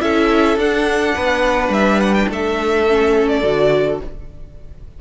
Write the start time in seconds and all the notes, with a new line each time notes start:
0.00 C#4 E4 A4 E5
0.57 D4 F#5
1.15 B3 B4
1.69 G3 E5
2.00 F#5
2.14 G5
2.29 A3 A4 E5
2.89 C#4
3.28 D5
3.43 D3 F#4